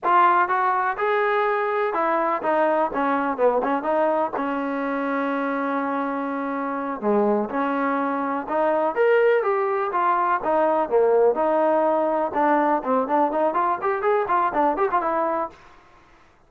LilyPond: \new Staff \with { instrumentName = "trombone" } { \time 4/4 \tempo 4 = 124 f'4 fis'4 gis'2 | e'4 dis'4 cis'4 b8 cis'8 | dis'4 cis'2.~ | cis'2~ cis'8 gis4 cis'8~ |
cis'4. dis'4 ais'4 g'8~ | g'8 f'4 dis'4 ais4 dis'8~ | dis'4. d'4 c'8 d'8 dis'8 | f'8 g'8 gis'8 f'8 d'8 g'16 f'16 e'4 | }